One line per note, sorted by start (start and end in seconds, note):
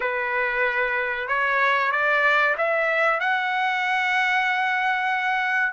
0.00 1.28 B4
1.28 1.91 C#5
1.91 2.55 D5
2.57 3.19 E5
3.19 5.72 F#5